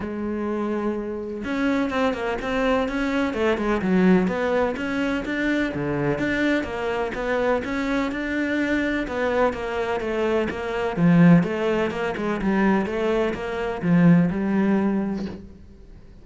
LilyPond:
\new Staff \with { instrumentName = "cello" } { \time 4/4 \tempo 4 = 126 gis2. cis'4 | c'8 ais8 c'4 cis'4 a8 gis8 | fis4 b4 cis'4 d'4 | d4 d'4 ais4 b4 |
cis'4 d'2 b4 | ais4 a4 ais4 f4 | a4 ais8 gis8 g4 a4 | ais4 f4 g2 | }